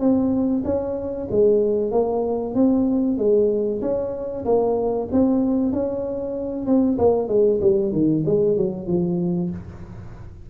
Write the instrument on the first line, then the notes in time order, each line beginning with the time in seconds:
tuba
0.00 C4
0.65 C#4
1.31 G#3
1.92 A#3
2.55 C4
3.18 G#3
3.82 C#4
4.46 A#3
5.12 C4
5.73 C#4
6.67 C4
6.98 A#3
7.29 G#3
7.61 G3
7.93 D#3
8.26 G#3
8.58 F#3
8.88 F3